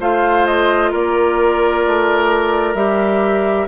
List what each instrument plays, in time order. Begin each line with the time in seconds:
0.00 bassoon A3, clarinet F4, oboe C5, flute F5
0.46 flute D#5
0.91 bassoon A#3, oboe A#4, flute D5
1.86 bassoon A3
2.75 bassoon G3, clarinet G4, flute E5